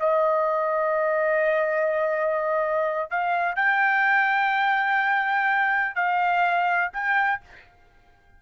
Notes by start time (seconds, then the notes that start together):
0.00 D#5
3.11 F5
3.56 G5
5.95 F5
6.93 G5